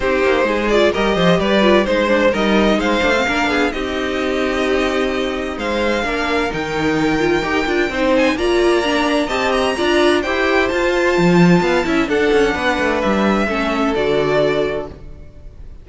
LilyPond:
<<
  \new Staff \with { instrumentName = "violin" } { \time 4/4 \tempo 4 = 129 c''4. d''8 dis''4 d''4 | c''4 dis''4 f''2 | dis''1 | f''2 g''2~ |
g''4. gis''8 ais''2 | a''8 ais''4. g''4 a''4~ | a''2 fis''2 | e''2 d''2 | }
  \new Staff \with { instrumentName = "violin" } { \time 4/4 g'4 gis'4 ais'8 c''8 b'4 | c''4 ais'4 c''4 ais'8 gis'8 | g'1 | c''4 ais'2.~ |
ais'4 c''4 d''2 | dis''4 d''4 c''2~ | c''4 f''8 e''8 a'4 b'4~ | b'4 a'2. | }
  \new Staff \with { instrumentName = "viola" } { \time 4/4 dis'4. f'8 g'4. f'8 | dis'8 d'8 dis'4. d'16 c'16 d'4 | dis'1~ | dis'4 d'4 dis'4. f'8 |
g'8 f'8 dis'4 f'4 d'4 | g'4 f'4 g'4 f'4~ | f'4. e'8 d'2~ | d'4 cis'4 fis'2 | }
  \new Staff \with { instrumentName = "cello" } { \time 4/4 c'8 ais8 gis4 g8 f8 g4 | gis4 g4 gis8 a8 ais8 b8 | c'1 | gis4 ais4 dis2 |
dis'8 d'8 c'4 ais2 | c'4 d'4 e'4 f'4 | f4 b8 cis'8 d'8 cis'8 b8 a8 | g4 a4 d2 | }
>>